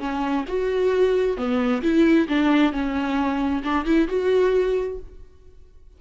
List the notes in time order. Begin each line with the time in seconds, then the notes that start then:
0.00 C#4
0.48 F#4
1.37 B3
1.83 E4
2.29 D4
2.73 C#4
3.64 D4
3.86 E4
4.08 F#4